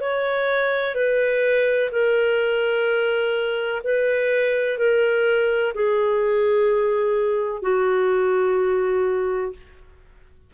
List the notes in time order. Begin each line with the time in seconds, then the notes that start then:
0.00 C#5
0.94 B4
1.91 A#4
3.83 B4
4.77 A#4
5.74 G#4
7.61 F#4